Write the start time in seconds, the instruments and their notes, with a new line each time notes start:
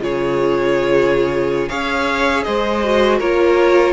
0.00 cello C#3, viola F4, violin G#4 C#5
1.68 cello C#4, viola G#4, violin C#5 F5
2.43 cello G#3, violin C5 D#5
2.84 viola F#4
3.18 cello A#3, viola F4, violin A#4 C#5